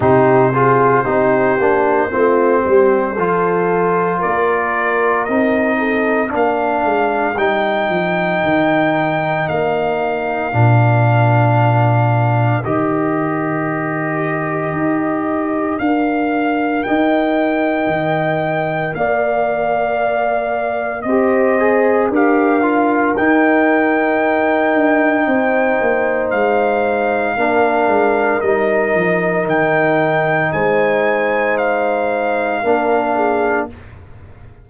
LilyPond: <<
  \new Staff \with { instrumentName = "trumpet" } { \time 4/4 \tempo 4 = 57 c''1 | d''4 dis''4 f''4 g''4~ | g''4 f''2. | dis''2. f''4 |
g''2 f''2 | dis''4 f''4 g''2~ | g''4 f''2 dis''4 | g''4 gis''4 f''2 | }
  \new Staff \with { instrumentName = "horn" } { \time 4/4 g'8 gis'8 g'4 f'8 g'8 a'4 | ais'4. a'8 ais'2~ | ais'1~ | ais'1 |
dis''2 d''2 | c''4 ais'2. | c''2 ais'2~ | ais'4 c''2 ais'8 gis'8 | }
  \new Staff \with { instrumentName = "trombone" } { \time 4/4 dis'8 f'8 dis'8 d'8 c'4 f'4~ | f'4 dis'4 d'4 dis'4~ | dis'2 d'2 | g'2. ais'4~ |
ais'1 | g'8 gis'8 g'8 f'8 dis'2~ | dis'2 d'4 dis'4~ | dis'2. d'4 | }
  \new Staff \with { instrumentName = "tuba" } { \time 4/4 c4 c'8 ais8 a8 g8 f4 | ais4 c'4 ais8 gis8 g8 f8 | dis4 ais4 ais,2 | dis2 dis'4 d'4 |
dis'4 dis4 ais2 | c'4 d'4 dis'4. d'8 | c'8 ais8 gis4 ais8 gis8 g8 f8 | dis4 gis2 ais4 | }
>>